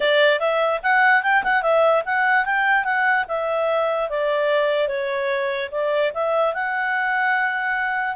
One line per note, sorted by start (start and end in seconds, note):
0.00 0.39 D5
0.39 0.80 E5
0.82 1.22 F#5
1.22 1.43 G5
1.43 1.62 F#5
1.62 2.03 E5
2.05 2.45 F#5
2.45 2.84 G5
2.84 3.25 F#5
3.28 4.09 E5
4.09 4.88 D5
4.88 5.69 C#5
5.71 6.12 D5
6.13 6.54 E5
6.54 8.15 F#5